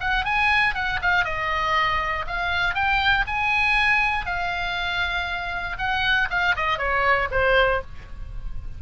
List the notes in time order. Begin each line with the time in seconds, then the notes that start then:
0.00 F#5
0.24 G#5
0.74 F#5
1.02 F5
1.24 D#5
2.27 F5
2.75 G5
3.27 G#5
4.26 F5
5.78 F#5
6.30 F5
6.56 D#5
6.78 C#5
7.31 C5